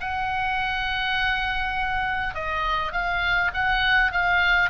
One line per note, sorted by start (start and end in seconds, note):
0.00 2.34 F#5
2.34 2.92 D#5
2.92 3.51 F5
3.53 4.11 F#5
4.11 4.69 F5